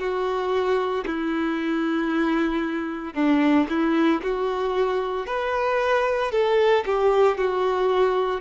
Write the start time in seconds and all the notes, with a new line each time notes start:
0.00 F#4
1.06 E4
3.14 D4
3.69 E4
4.23 F#4
5.27 B4
6.32 A4
6.86 G4
7.38 F#4